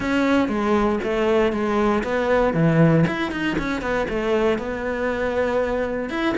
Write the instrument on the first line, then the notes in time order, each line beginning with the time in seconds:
cello
0.00 C#4
0.48 G#3
1.03 A3
1.52 G#3
2.03 B3
2.53 E3
3.06 E4
3.31 D#4
3.58 C#4
3.81 B3
4.09 A3
4.58 B3
6.09 E4